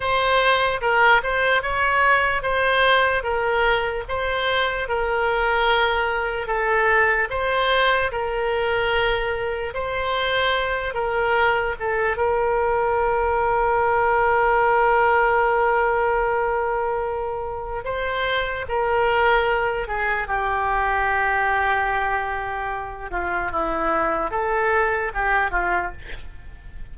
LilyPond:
\new Staff \with { instrumentName = "oboe" } { \time 4/4 \tempo 4 = 74 c''4 ais'8 c''8 cis''4 c''4 | ais'4 c''4 ais'2 | a'4 c''4 ais'2 | c''4. ais'4 a'8 ais'4~ |
ais'1~ | ais'2 c''4 ais'4~ | ais'8 gis'8 g'2.~ | g'8 f'8 e'4 a'4 g'8 f'8 | }